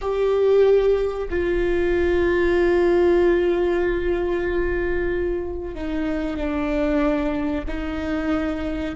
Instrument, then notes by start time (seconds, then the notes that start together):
viola
0.01 G4
1.29 F4
5.74 D#4
6.37 D4
7.67 D#4